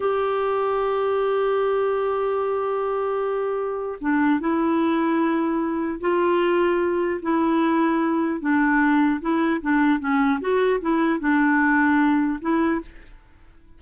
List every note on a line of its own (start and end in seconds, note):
0.00 3.99 G4
4.01 4.40 D4
4.40 6.00 E4
6.00 7.20 F4
7.22 8.40 E4
8.40 9.20 D4
9.21 9.61 E4
9.61 9.99 D4
9.99 10.39 C#4
10.40 10.80 F#4
10.81 11.19 E4
11.19 12.39 D4
12.41 12.81 E4